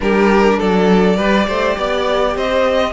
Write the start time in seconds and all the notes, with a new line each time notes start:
0.00 G3 D4 G4 A#4
0.58 F#3 A4 D5
1.17 G3 G4 B4
1.47 A3 C5
1.77 B3 D5
2.35 C4 C5 D#5